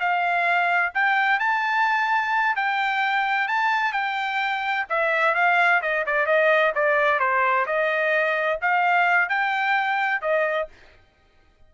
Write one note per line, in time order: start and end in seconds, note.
0.00 0.93 F5
0.95 1.40 G5
1.40 2.56 A5
2.56 3.48 G5
3.48 3.93 A5
3.93 4.86 G5
4.90 5.35 E5
5.35 5.82 F5
5.82 6.05 D#5
6.06 6.27 D5
6.27 6.73 D#5
6.75 7.20 D5
7.20 7.66 C5
7.67 8.60 D#5
8.62 9.30 F5
9.30 10.22 G5
10.22 10.68 D#5